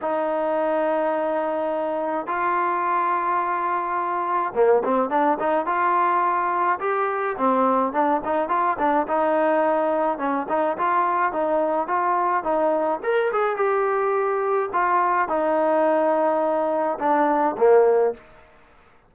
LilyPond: \new Staff \with { instrumentName = "trombone" } { \time 4/4 \tempo 4 = 106 dis'1 | f'1 | ais8 c'8 d'8 dis'8 f'2 | g'4 c'4 d'8 dis'8 f'8 d'8 |
dis'2 cis'8 dis'8 f'4 | dis'4 f'4 dis'4 ais'8 gis'8 | g'2 f'4 dis'4~ | dis'2 d'4 ais4 | }